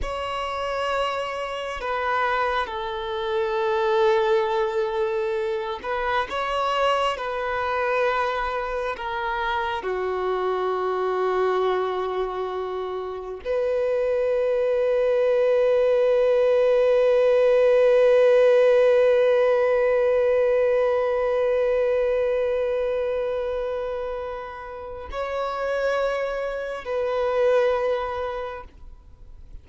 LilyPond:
\new Staff \with { instrumentName = "violin" } { \time 4/4 \tempo 4 = 67 cis''2 b'4 a'4~ | a'2~ a'8 b'8 cis''4 | b'2 ais'4 fis'4~ | fis'2. b'4~ |
b'1~ | b'1~ | b'1 | cis''2 b'2 | }